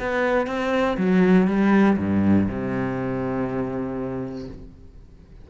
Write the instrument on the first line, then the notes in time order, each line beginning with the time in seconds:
cello
0.00 B3
0.47 C4
0.98 F#3
1.47 G3
1.98 G2
2.48 C3